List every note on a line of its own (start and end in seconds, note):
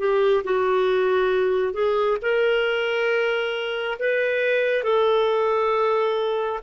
0.00 0.44 G4
0.45 1.74 F#4
1.74 2.18 G#4
2.22 3.99 A#4
3.99 4.84 B4
4.84 6.60 A4